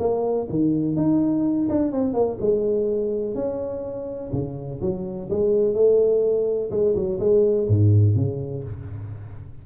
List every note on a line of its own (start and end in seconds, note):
0.00 0.48 A#3
0.50 0.97 D#3
0.97 1.69 D#4
1.70 1.92 D4
1.92 2.14 C4
2.14 2.38 A#3
2.41 3.35 G#3
3.35 4.31 C#4
4.33 4.81 C#3
4.82 5.30 F#3
5.30 5.75 G#3
5.75 6.71 A3
6.71 6.95 G#3
6.96 7.20 F#3
7.20 7.68 G#3
7.68 8.16 G#2
8.16 8.64 C#3